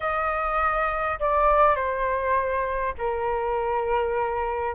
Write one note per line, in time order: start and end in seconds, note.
0.00 1.19 D#5
1.19 1.75 D5
1.75 2.94 C5
2.98 4.74 A#4